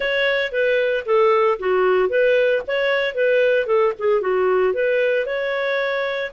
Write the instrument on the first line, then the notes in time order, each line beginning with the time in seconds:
clarinet
0.00 C#5
0.51 B4
1.05 A4
1.59 F#4
2.09 B4
2.67 C#5
3.14 B4
3.66 A4
3.98 G#4
4.21 F#4
4.73 B4
5.26 C#5